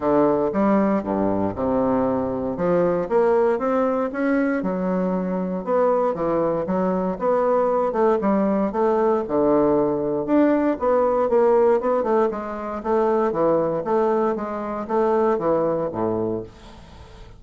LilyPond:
\new Staff \with { instrumentName = "bassoon" } { \time 4/4 \tempo 4 = 117 d4 g4 g,4 c4~ | c4 f4 ais4 c'4 | cis'4 fis2 b4 | e4 fis4 b4. a8 |
g4 a4 d2 | d'4 b4 ais4 b8 a8 | gis4 a4 e4 a4 | gis4 a4 e4 a,4 | }